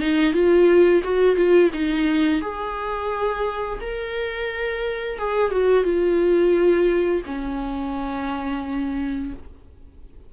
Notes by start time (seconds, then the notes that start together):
0.00 D#4
0.33 F4
1.04 F#4
1.37 F4
1.73 D#4
2.42 G#4
3.81 A#4
5.19 G#4
5.51 F#4
5.84 F4
7.26 C#4